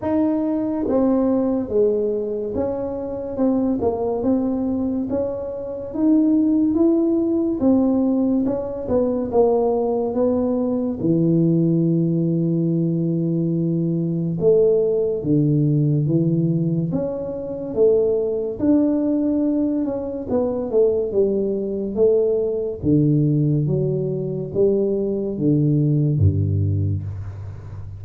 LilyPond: \new Staff \with { instrumentName = "tuba" } { \time 4/4 \tempo 4 = 71 dis'4 c'4 gis4 cis'4 | c'8 ais8 c'4 cis'4 dis'4 | e'4 c'4 cis'8 b8 ais4 | b4 e2.~ |
e4 a4 d4 e4 | cis'4 a4 d'4. cis'8 | b8 a8 g4 a4 d4 | fis4 g4 d4 g,4 | }